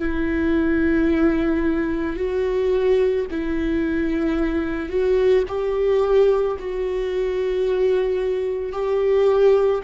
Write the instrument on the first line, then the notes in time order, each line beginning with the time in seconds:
viola
0.00 E4
2.17 F#4
3.32 E4
4.89 F#4
5.48 G4
6.60 F#4
8.73 G4